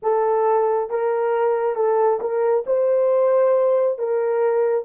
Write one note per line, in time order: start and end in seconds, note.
0.02 0.90 A4
0.90 1.75 A#4
1.75 2.19 A4
2.20 2.64 A#4
2.66 3.98 C5
3.98 4.85 A#4